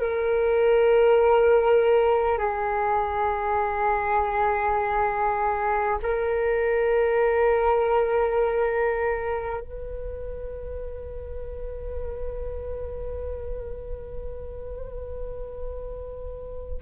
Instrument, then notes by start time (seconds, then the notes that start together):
flute
0.00 A#4
2.38 G#4
6.03 A#4
9.61 B4